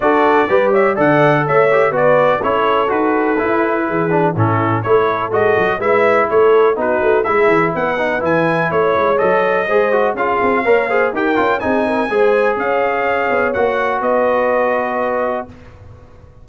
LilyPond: <<
  \new Staff \with { instrumentName = "trumpet" } { \time 4/4 \tempo 4 = 124 d''4. e''8 fis''4 e''4 | d''4 cis''4 b'2~ | b'4 a'4 cis''4 dis''4 | e''4 cis''4 b'4 e''4 |
fis''4 gis''4 cis''4 dis''4~ | dis''4 f''2 g''4 | gis''2 f''2 | fis''4 dis''2. | }
  \new Staff \with { instrumentName = "horn" } { \time 4/4 a'4 b'8 cis''8 d''4 cis''4 | b'4 a'2. | gis'4 e'4 a'2 | b'4 a'4 fis'4 gis'4 |
b'2 cis''2 | c''4 gis'4 cis''8 c''8 ais'4 | gis'8 ais'8 c''4 cis''2~ | cis''4 b'2. | }
  \new Staff \with { instrumentName = "trombone" } { \time 4/4 fis'4 g'4 a'4. g'8 | fis'4 e'4 fis'4 e'4~ | e'8 d'8 cis'4 e'4 fis'4 | e'2 dis'4 e'4~ |
e'8 dis'8 e'2 a'4 | gis'8 fis'8 f'4 ais'8 gis'8 g'8 f'8 | dis'4 gis'2. | fis'1 | }
  \new Staff \with { instrumentName = "tuba" } { \time 4/4 d'4 g4 d4 a4 | b4 cis'4 dis'4 e'4 | e4 a,4 a4 gis8 fis8 | gis4 a4 b8 a8 gis8 e8 |
b4 e4 a8 gis8 fis4 | gis4 cis'8 c'8 ais4 dis'8 cis'8 | c'4 gis4 cis'4. b8 | ais4 b2. | }
>>